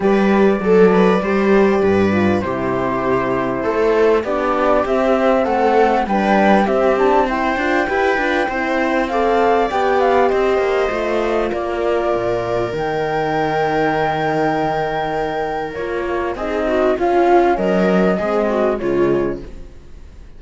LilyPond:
<<
  \new Staff \with { instrumentName = "flute" } { \time 4/4 \tempo 4 = 99 d''1 | c''2. d''4 | e''4 fis''4 g''4 e''8 a''8 | g''2. f''4 |
g''8 f''8 dis''2 d''4~ | d''4 g''2.~ | g''2 cis''4 dis''4 | f''4 dis''2 cis''4 | }
  \new Staff \with { instrumentName = "viola" } { \time 4/4 b'4 a'8 b'8 c''4 b'4 | g'2 a'4 g'4~ | g'4 a'4 b'4 g'4 | c''4 b'4 c''4 d''4~ |
d''4 c''2 ais'4~ | ais'1~ | ais'2. gis'8 fis'8 | f'4 ais'4 gis'8 fis'8 f'4 | }
  \new Staff \with { instrumentName = "horn" } { \time 4/4 g'4 a'4 g'4. f'8 | e'2. d'4 | c'2 d'4 c'8 d'8 | e'8 f'8 g'8 f'8 e'4 a'4 |
g'2 f'2~ | f'4 dis'2.~ | dis'2 f'4 dis'4 | cis'2 c'4 gis4 | }
  \new Staff \with { instrumentName = "cello" } { \time 4/4 g4 fis4 g4 g,4 | c2 a4 b4 | c'4 a4 g4 c'4~ | c'8 d'8 e'8 d'8 c'2 |
b4 c'8 ais8 a4 ais4 | ais,4 dis2.~ | dis2 ais4 c'4 | cis'4 fis4 gis4 cis4 | }
>>